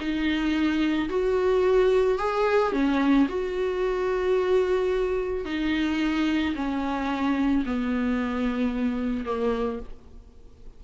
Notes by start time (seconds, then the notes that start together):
0.00 D#4
1.09 F#4
2.19 G#4
2.73 C#4
3.29 F#4
5.45 D#4
6.56 C#4
7.66 B3
9.25 A#3